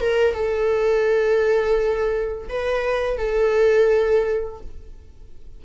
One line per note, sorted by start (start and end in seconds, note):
0.00 0.34 A#4
0.34 2.48 A4
2.49 3.18 B4
3.18 4.60 A4